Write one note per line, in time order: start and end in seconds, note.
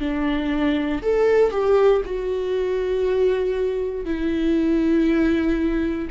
0.00 1.02 D4
1.02 1.51 A4
1.51 2.02 G4
2.05 4.04 F#4
4.04 6.08 E4